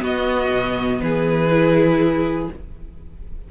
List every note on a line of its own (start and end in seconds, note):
0.00 1.48 B3
0.00 0.51 B3
0.00 1.01 F#4
0.00 1.01 D#5
0.51 1.00 B2
1.01 2.49 E3
1.01 2.51 G#4
1.01 2.49 B4
1.52 2.50 E4